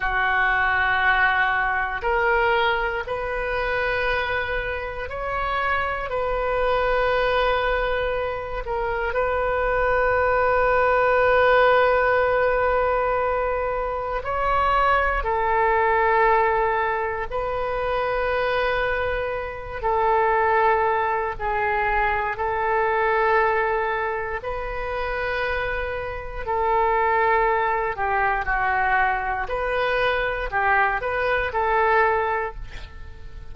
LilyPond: \new Staff \with { instrumentName = "oboe" } { \time 4/4 \tempo 4 = 59 fis'2 ais'4 b'4~ | b'4 cis''4 b'2~ | b'8 ais'8 b'2.~ | b'2 cis''4 a'4~ |
a'4 b'2~ b'8 a'8~ | a'4 gis'4 a'2 | b'2 a'4. g'8 | fis'4 b'4 g'8 b'8 a'4 | }